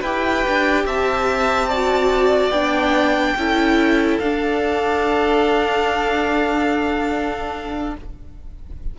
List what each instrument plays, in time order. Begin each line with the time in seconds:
0.00 cello E4, viola G4, violin B4 G5
0.48 cello D4
0.85 cello C4, violin E5 A5
1.68 viola F#4, violin D5
2.50 cello B3, viola D4, violin G5
3.36 cello C#4, viola E4, violin A4
4.19 cello D4, viola D4, violin F5